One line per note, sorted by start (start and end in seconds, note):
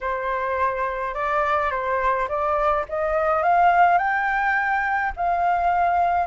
0.00 1.14 C5
1.14 1.70 D5
1.70 2.28 C5
2.28 2.85 D5
2.88 3.42 D#5
3.42 3.98 F5
3.98 5.12 G5
5.16 6.26 F5